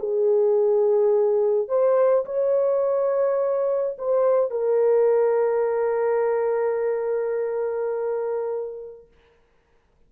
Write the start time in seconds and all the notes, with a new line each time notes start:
0.00 G#4
1.69 C5
2.26 C#5
3.99 C5
4.51 A#4